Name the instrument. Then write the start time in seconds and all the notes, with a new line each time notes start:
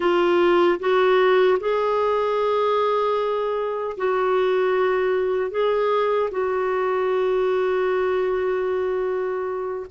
clarinet
0.00 F4
0.79 F#4
1.60 G#4
3.97 F#4
5.50 G#4
6.31 F#4